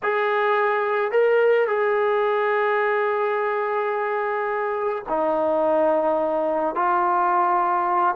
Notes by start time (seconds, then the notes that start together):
0.02 G#4
1.11 A#4
1.67 G#4
5.08 D#4
6.75 F4